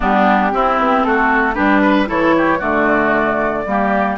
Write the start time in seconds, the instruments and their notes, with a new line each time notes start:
0.00 bassoon G3, clarinet B3, oboe D4, flute G4
0.51 clarinet C4, bassoon C4, oboe E4
0.78 bassoon B3
1.02 bassoon A3, oboe F#4, flute A4
1.54 bassoon G3, clarinet D4, oboe G4, flute B4
1.82 oboe B4
2.06 bassoon E3, clarinet E4, oboe A4, flute C#5
2.37 oboe G4
2.58 bassoon D3, clarinet A3, oboe F#4, flute D5
3.66 bassoon G3, clarinet A#3, oboe G4